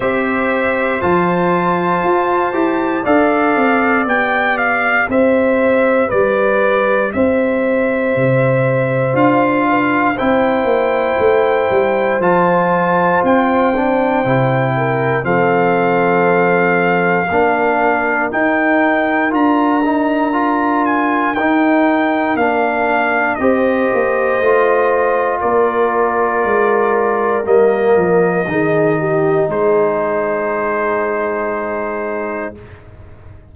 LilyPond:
<<
  \new Staff \with { instrumentName = "trumpet" } { \time 4/4 \tempo 4 = 59 e''4 a''2 f''4 | g''8 f''8 e''4 d''4 e''4~ | e''4 f''4 g''2 | a''4 g''2 f''4~ |
f''2 g''4 ais''4~ | ais''8 gis''8 g''4 f''4 dis''4~ | dis''4 d''2 dis''4~ | dis''4 c''2. | }
  \new Staff \with { instrumentName = "horn" } { \time 4/4 c''2. d''4~ | d''4 c''4 b'4 c''4~ | c''4. b'8 c''2~ | c''2~ c''8 ais'8 a'4~ |
a'4 ais'2.~ | ais'2. c''4~ | c''4 ais'2. | gis'8 g'8 gis'2. | }
  \new Staff \with { instrumentName = "trombone" } { \time 4/4 g'4 f'4. g'8 a'4 | g'1~ | g'4 f'4 e'2 | f'4. d'8 e'4 c'4~ |
c'4 d'4 dis'4 f'8 dis'8 | f'4 dis'4 d'4 g'4 | f'2. ais4 | dis'1 | }
  \new Staff \with { instrumentName = "tuba" } { \time 4/4 c'4 f4 f'8 e'8 d'8 c'8 | b4 c'4 g4 c'4 | c4 d'4 c'8 ais8 a8 g8 | f4 c'4 c4 f4~ |
f4 ais4 dis'4 d'4~ | d'4 dis'4 ais4 c'8 ais8 | a4 ais4 gis4 g8 f8 | dis4 gis2. | }
>>